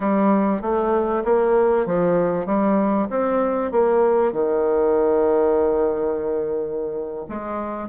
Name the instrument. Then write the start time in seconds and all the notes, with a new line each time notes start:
bassoon
0.00 G3
0.61 A3
1.24 A#3
1.86 F3
2.46 G3
3.10 C4
3.71 A#3
4.32 D#3
7.28 G#3